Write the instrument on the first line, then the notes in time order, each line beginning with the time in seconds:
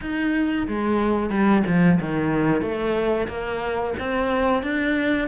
cello
0.01 D#4
0.67 G#3
1.30 G3
1.66 F3
2.00 D#3
2.61 A3
3.28 A#3
3.99 C4
4.62 D4